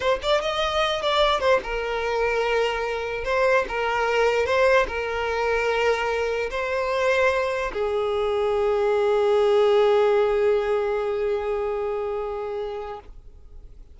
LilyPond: \new Staff \with { instrumentName = "violin" } { \time 4/4 \tempo 4 = 148 c''8 d''8 dis''4. d''4 c''8 | ais'1 | c''4 ais'2 c''4 | ais'1 |
c''2. gis'4~ | gis'1~ | gis'1~ | gis'1 | }